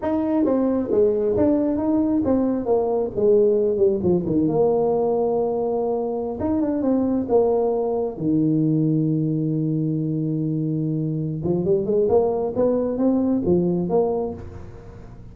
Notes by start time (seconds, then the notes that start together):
0.02 D#4
0.45 C4
0.91 G#3
1.37 D4
1.77 D#4
2.24 C4
2.65 A#3
3.15 G#3
3.77 G3
4.02 F3
4.26 D#3
4.48 A#3
6.39 D#4
6.61 D4
6.82 C4
7.28 A#3
8.17 D#3
11.43 F3
11.64 G3
11.85 G#3
12.08 A#3
12.55 B3
12.97 C4
13.45 F3
13.89 A#3